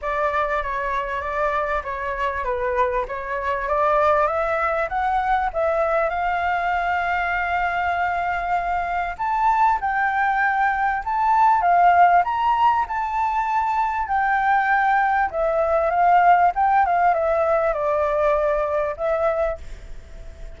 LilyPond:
\new Staff \with { instrumentName = "flute" } { \time 4/4 \tempo 4 = 98 d''4 cis''4 d''4 cis''4 | b'4 cis''4 d''4 e''4 | fis''4 e''4 f''2~ | f''2. a''4 |
g''2 a''4 f''4 | ais''4 a''2 g''4~ | g''4 e''4 f''4 g''8 f''8 | e''4 d''2 e''4 | }